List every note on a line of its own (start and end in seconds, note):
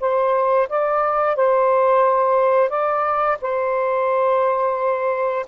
0.00 0.68 C5
0.69 1.36 D5
1.36 2.69 C5
2.69 3.37 D5
3.41 5.45 C5